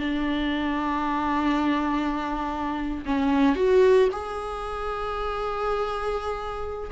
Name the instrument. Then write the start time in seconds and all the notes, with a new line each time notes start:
viola
0.00 D4
3.06 C#4
3.56 F#4
4.12 G#4